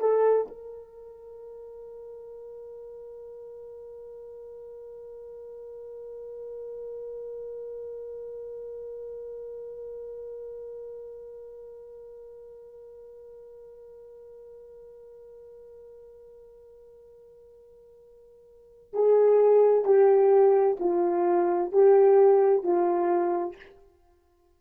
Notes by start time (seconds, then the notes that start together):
0.00 A4
0.48 A#4
18.94 G#4
19.85 G4
20.79 F4
21.72 G4
22.64 F4